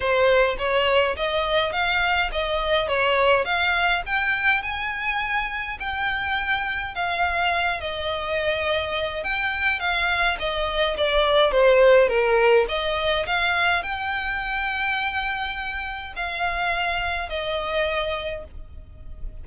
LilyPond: \new Staff \with { instrumentName = "violin" } { \time 4/4 \tempo 4 = 104 c''4 cis''4 dis''4 f''4 | dis''4 cis''4 f''4 g''4 | gis''2 g''2 | f''4. dis''2~ dis''8 |
g''4 f''4 dis''4 d''4 | c''4 ais'4 dis''4 f''4 | g''1 | f''2 dis''2 | }